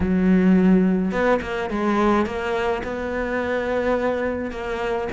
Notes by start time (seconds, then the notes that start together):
0.00 F#3
1.11 B3
1.41 A#3
1.70 G#3
2.25 A#3
2.83 B3
4.51 A#3